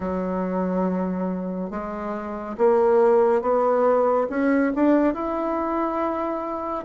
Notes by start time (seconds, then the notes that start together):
0.00 F#3
1.70 G#3
2.57 A#3
3.41 B3
4.29 C#4
4.75 D4
5.14 E4